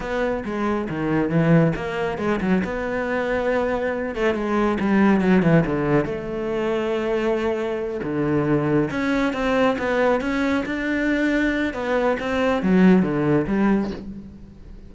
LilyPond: \new Staff \with { instrumentName = "cello" } { \time 4/4 \tempo 4 = 138 b4 gis4 dis4 e4 | ais4 gis8 fis8 b2~ | b4. a8 gis4 g4 | fis8 e8 d4 a2~ |
a2~ a8 d4.~ | d8 cis'4 c'4 b4 cis'8~ | cis'8 d'2~ d'8 b4 | c'4 fis4 d4 g4 | }